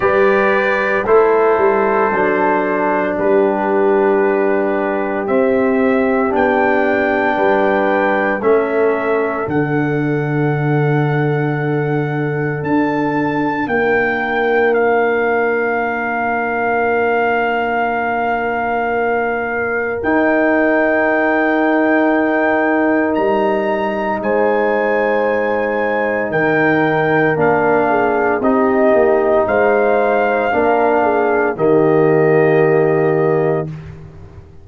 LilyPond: <<
  \new Staff \with { instrumentName = "trumpet" } { \time 4/4 \tempo 4 = 57 d''4 c''2 b'4~ | b'4 e''4 g''2 | e''4 fis''2. | a''4 g''4 f''2~ |
f''2. g''4~ | g''2 ais''4 gis''4~ | gis''4 g''4 f''4 dis''4 | f''2 dis''2 | }
  \new Staff \with { instrumentName = "horn" } { \time 4/4 b'4 a'2 g'4~ | g'2. b'4 | a'1~ | a'4 ais'2.~ |
ais'1~ | ais'2. c''4~ | c''4 ais'4. gis'8 g'4 | c''4 ais'8 gis'8 g'2 | }
  \new Staff \with { instrumentName = "trombone" } { \time 4/4 g'4 e'4 d'2~ | d'4 c'4 d'2 | cis'4 d'2.~ | d'1~ |
d'2. dis'4~ | dis'1~ | dis'2 d'4 dis'4~ | dis'4 d'4 ais2 | }
  \new Staff \with { instrumentName = "tuba" } { \time 4/4 g4 a8 g8 fis4 g4~ | g4 c'4 b4 g4 | a4 d2. | d'4 ais2.~ |
ais2. dis'4~ | dis'2 g4 gis4~ | gis4 dis4 ais4 c'8 ais8 | gis4 ais4 dis2 | }
>>